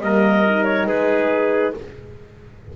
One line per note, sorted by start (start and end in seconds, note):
0.00 0.86 G3
0.00 0.44 A#3
0.00 0.87 A#4
0.00 0.64 D#5
0.45 1.76 D#4
0.64 0.86 C#5
0.86 1.73 G#3
0.86 1.74 G#4
0.86 1.74 B4